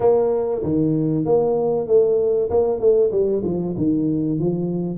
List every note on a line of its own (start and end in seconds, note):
0.00 0.62 A#3
0.63 1.25 D#3
1.25 1.87 A#3
1.87 2.49 A3
2.50 2.79 A#3
2.79 3.11 A3
3.11 3.42 G3
3.43 3.75 F3
3.77 4.39 D#3
4.39 4.98 F3